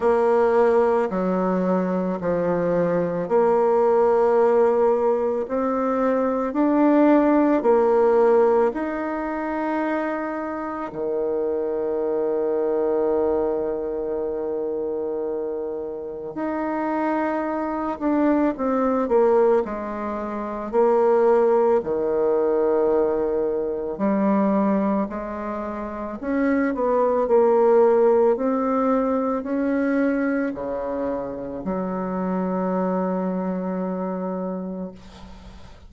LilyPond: \new Staff \with { instrumentName = "bassoon" } { \time 4/4 \tempo 4 = 55 ais4 fis4 f4 ais4~ | ais4 c'4 d'4 ais4 | dis'2 dis2~ | dis2. dis'4~ |
dis'8 d'8 c'8 ais8 gis4 ais4 | dis2 g4 gis4 | cis'8 b8 ais4 c'4 cis'4 | cis4 fis2. | }